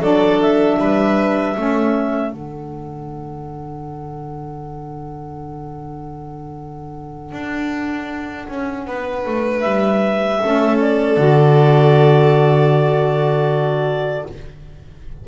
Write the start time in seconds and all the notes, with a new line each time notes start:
0.00 F#3 D4 A4 D5
0.41 E5
0.79 G3 B4
1.55 A3 C#4 A4
2.31 D3 D4 F#5
7.32 D4
8.48 C#4
8.87 B3 B4
9.26 A3
9.61 G3 E5
10.40 A3 C#4 A4
10.81 D5
11.17 D3 F#4